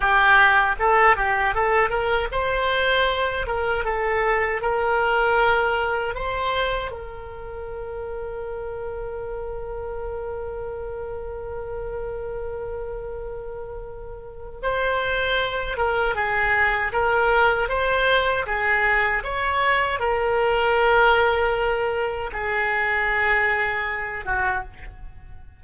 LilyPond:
\new Staff \with { instrumentName = "oboe" } { \time 4/4 \tempo 4 = 78 g'4 a'8 g'8 a'8 ais'8 c''4~ | c''8 ais'8 a'4 ais'2 | c''4 ais'2.~ | ais'1~ |
ais'2. c''4~ | c''8 ais'8 gis'4 ais'4 c''4 | gis'4 cis''4 ais'2~ | ais'4 gis'2~ gis'8 fis'8 | }